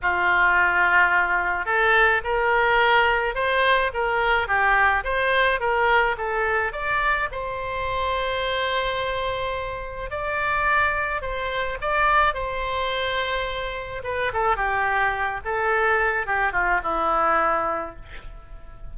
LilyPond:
\new Staff \with { instrumentName = "oboe" } { \time 4/4 \tempo 4 = 107 f'2. a'4 | ais'2 c''4 ais'4 | g'4 c''4 ais'4 a'4 | d''4 c''2.~ |
c''2 d''2 | c''4 d''4 c''2~ | c''4 b'8 a'8 g'4. a'8~ | a'4 g'8 f'8 e'2 | }